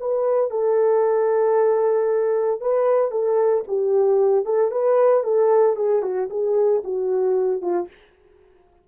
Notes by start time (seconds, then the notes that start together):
0.00 B4
0.50 A4
2.61 B4
3.12 A4
3.68 G4
4.46 A4
4.71 B4
5.24 A4
5.76 G#4
6.03 F#4
6.30 G#4
6.84 F#4
7.62 F4